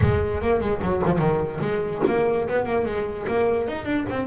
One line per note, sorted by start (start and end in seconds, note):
0.01 0.41 G#3
0.41 0.60 A#3
0.60 0.81 G#3
0.81 1.02 F#3
1.05 1.19 F3
1.19 1.59 D#3
1.61 2.02 G#3
2.07 2.48 A#3
2.48 2.65 B3
2.65 2.85 A#3
2.85 3.26 G#3
3.27 3.68 A#3
3.68 3.85 D#4
3.85 4.05 D4
4.09 4.27 C4